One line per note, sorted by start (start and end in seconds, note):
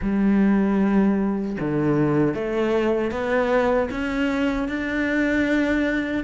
0.01 1.57 G3
1.60 2.34 D3
2.34 3.11 A3
3.11 3.89 B3
3.90 4.68 C#4
4.68 6.24 D4